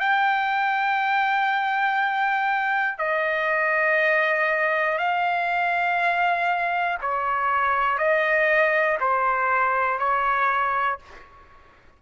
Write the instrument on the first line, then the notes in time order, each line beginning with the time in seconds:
trumpet
0.00 G5
2.99 D#5
4.98 F5
7.01 C#5
7.98 D#5
9.00 C5
10.00 C#5